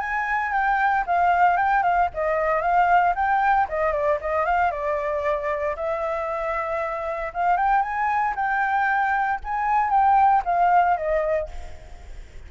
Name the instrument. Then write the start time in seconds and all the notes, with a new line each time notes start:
flute
0.00 G#5
0.52 G5
1.06 F5
1.57 G5
1.83 F5
2.14 D#5
2.62 F5
3.15 G5
3.69 D#5
3.92 D5
4.21 D#5
4.45 F5
4.71 D5
5.76 E5
7.34 F5
7.57 G5
7.82 G#5
8.35 G5
9.44 G#5
9.90 G5
10.45 F5
10.97 D#5